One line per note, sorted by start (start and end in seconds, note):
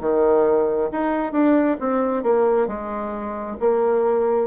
0.00 0.90 D#3
0.92 1.32 D#4
1.32 1.77 D4
1.80 2.23 C4
2.23 2.67 A#3
2.67 3.57 G#3
3.60 4.47 A#3